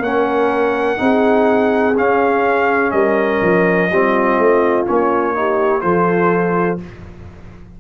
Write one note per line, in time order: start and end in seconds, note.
0.00 0.97 A#3
0.00 0.97 C#4
0.00 1.01 A#4
0.00 1.97 F#5
0.97 1.97 C4
0.97 1.94 D#4
0.97 2.94 G#4
1.97 2.92 C#4
1.97 3.91 C#4
1.97 2.91 F5
2.91 3.41 G3
2.91 3.90 A#4
2.91 4.84 D#5
3.42 3.90 F3
3.90 4.38 G3
3.90 4.86 C4
3.90 5.36 F4
4.38 4.86 A3
4.86 5.84 A#3
4.86 5.34 C#4
4.86 5.81 C#5
5.34 5.81 D#4
5.34 5.83 G4
5.81 6.80 F3
5.81 6.78 F4
5.81 6.80 A4
5.81 6.78 C5